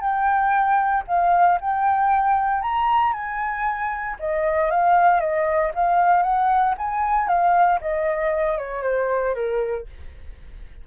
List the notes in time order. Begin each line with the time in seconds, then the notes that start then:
0.00 G5
1.07 F5
1.61 G5
2.62 A#5
3.13 G#5
4.19 D#5
4.71 F5
5.20 D#5
5.74 F5
6.23 F#5
6.78 G#5
7.28 F5
7.81 D#5
8.58 C#5
8.83 C5
9.35 A#4